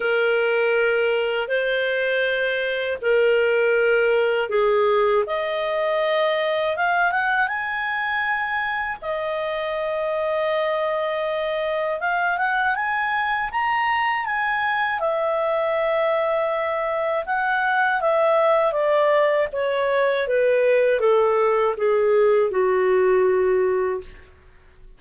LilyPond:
\new Staff \with { instrumentName = "clarinet" } { \time 4/4 \tempo 4 = 80 ais'2 c''2 | ais'2 gis'4 dis''4~ | dis''4 f''8 fis''8 gis''2 | dis''1 |
f''8 fis''8 gis''4 ais''4 gis''4 | e''2. fis''4 | e''4 d''4 cis''4 b'4 | a'4 gis'4 fis'2 | }